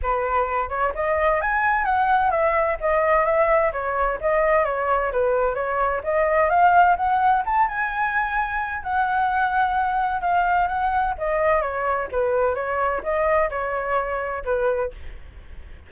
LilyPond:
\new Staff \with { instrumentName = "flute" } { \time 4/4 \tempo 4 = 129 b'4. cis''8 dis''4 gis''4 | fis''4 e''4 dis''4 e''4 | cis''4 dis''4 cis''4 b'4 | cis''4 dis''4 f''4 fis''4 |
a''8 gis''2~ gis''8 fis''4~ | fis''2 f''4 fis''4 | dis''4 cis''4 b'4 cis''4 | dis''4 cis''2 b'4 | }